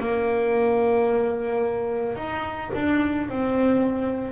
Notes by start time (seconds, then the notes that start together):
0.00 A#3
2.16 D#4
2.75 D4
3.29 C4